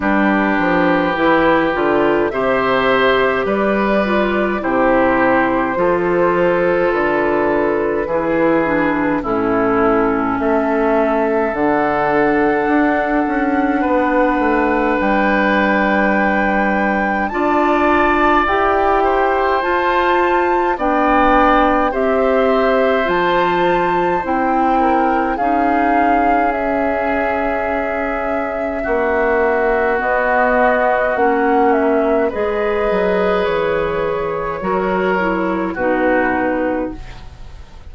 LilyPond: <<
  \new Staff \with { instrumentName = "flute" } { \time 4/4 \tempo 4 = 52 b'2 e''4 d''4 | c''2 b'2 | a'4 e''4 fis''2~ | fis''4 g''2 a''4 |
g''4 a''4 g''4 e''4 | a''4 g''4 f''4 e''4~ | e''2 dis''4 fis''8 e''8 | dis''4 cis''2 b'4 | }
  \new Staff \with { instrumentName = "oboe" } { \time 4/4 g'2 c''4 b'4 | g'4 a'2 gis'4 | e'4 a'2. | b'2. d''4~ |
d''8 c''4. d''4 c''4~ | c''4. ais'8 gis'2~ | gis'4 fis'2. | b'2 ais'4 fis'4 | }
  \new Staff \with { instrumentName = "clarinet" } { \time 4/4 d'4 e'8 f'8 g'4. f'8 | e'4 f'2 e'8 d'8 | cis'2 d'2~ | d'2. f'4 |
g'4 f'4 d'4 g'4 | f'4 e'4 dis'4 cis'4~ | cis'2 b4 cis'4 | gis'2 fis'8 e'8 dis'4 | }
  \new Staff \with { instrumentName = "bassoon" } { \time 4/4 g8 f8 e8 d8 c4 g4 | c4 f4 d4 e4 | a,4 a4 d4 d'8 cis'8 | b8 a8 g2 d'4 |
e'4 f'4 b4 c'4 | f4 c'4 cis'2~ | cis'4 ais4 b4 ais4 | gis8 fis8 e4 fis4 b,4 | }
>>